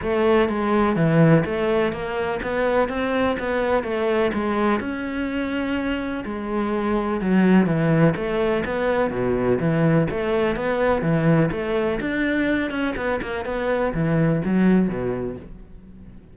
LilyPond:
\new Staff \with { instrumentName = "cello" } { \time 4/4 \tempo 4 = 125 a4 gis4 e4 a4 | ais4 b4 c'4 b4 | a4 gis4 cis'2~ | cis'4 gis2 fis4 |
e4 a4 b4 b,4 | e4 a4 b4 e4 | a4 d'4. cis'8 b8 ais8 | b4 e4 fis4 b,4 | }